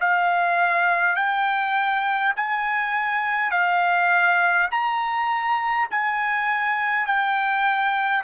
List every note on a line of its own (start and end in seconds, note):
0.00 1.16 F5
1.16 2.34 G5
2.36 3.51 G#5
3.51 4.68 F5
4.71 5.88 A#5
5.90 7.06 G#5
7.06 8.24 G5